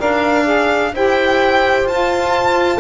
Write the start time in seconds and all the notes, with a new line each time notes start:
0.00 D4 A#4 D5 F5
0.45 G#4
0.94 E4 G4 C5 G5
1.85 F4 A5